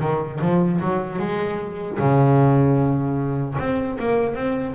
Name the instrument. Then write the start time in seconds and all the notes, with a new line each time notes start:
double bass
0.00 D#3
0.41 F3
0.80 F#3
1.19 G#3
1.98 C#3
3.58 C4
3.99 A#3
4.35 C4